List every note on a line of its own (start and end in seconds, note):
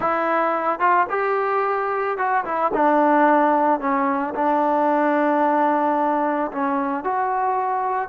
0.00 0.79 E4
0.79 1.06 F4
1.09 2.17 G4
2.17 2.44 F#4
2.44 2.71 E4
2.73 3.80 D4
3.80 4.34 C#4
4.35 6.51 D4
6.51 7.03 C#4
7.03 8.08 F#4